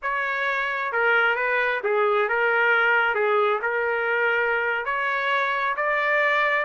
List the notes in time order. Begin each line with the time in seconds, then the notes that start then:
0.02 C#5
0.92 A#4
1.35 B4
1.83 G#4
2.28 A#4
3.14 G#4
3.62 A#4
4.85 C#5
5.76 D5